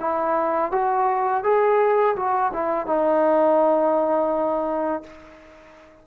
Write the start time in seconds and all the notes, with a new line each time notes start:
0.00 E4
0.72 F#4
1.44 G#4
2.16 F#4
2.53 E4
2.86 D#4